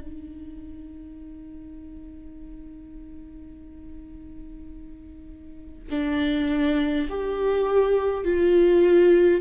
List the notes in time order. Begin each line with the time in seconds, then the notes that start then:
0.00 D#4
5.90 D4
7.10 G4
8.25 F4